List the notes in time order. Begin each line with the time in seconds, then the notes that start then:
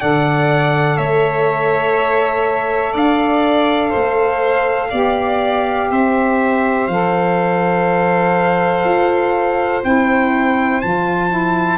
0.00 D3 A4 D5 F#5
0.98 A3 C#5 E5
2.93 D4 D5 F5
3.90 A3 C5
4.90 B3 G4 D5
5.91 C4 C5 E5
6.87 F3 A4 F5
8.84 F4
9.83 C4 E4 G5
10.81 F3 F4 A5
11.30 E4